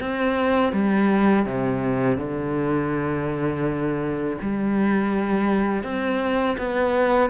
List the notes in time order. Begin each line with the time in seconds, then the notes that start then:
0.00 C4
0.73 G3
1.46 C3
2.17 D3
4.41 G3
5.83 C4
6.58 B3